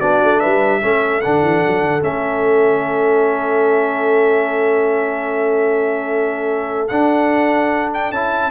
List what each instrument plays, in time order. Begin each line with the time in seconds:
0.00 tuba B3, trombone D4, horn F#4, trumpet D5
0.23 tuba A3
0.40 tuba G3, horn B4, trumpet E5
0.82 tuba A3, trombone C#4, horn A4
1.21 tuba D3, trombone D4, trumpet F#5
1.42 tuba E3
1.67 tuba F#3
1.81 tuba D3
2.01 tuba A3, trombone C#4, trumpet E5
6.88 tuba D4, trombone D4, trumpet F#5
7.94 trumpet G5
8.11 tuba C#4, trombone E4, trumpet A5